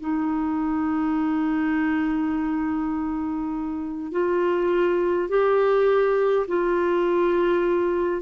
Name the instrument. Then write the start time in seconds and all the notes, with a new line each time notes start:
clarinet
0.00 D#4
4.12 F4
5.29 G4
6.48 F4